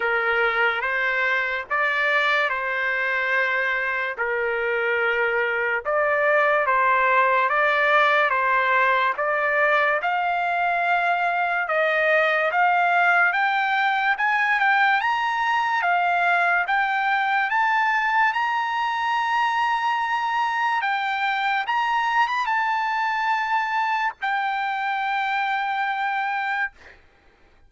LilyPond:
\new Staff \with { instrumentName = "trumpet" } { \time 4/4 \tempo 4 = 72 ais'4 c''4 d''4 c''4~ | c''4 ais'2 d''4 | c''4 d''4 c''4 d''4 | f''2 dis''4 f''4 |
g''4 gis''8 g''8 ais''4 f''4 | g''4 a''4 ais''2~ | ais''4 g''4 ais''8. b''16 a''4~ | a''4 g''2. | }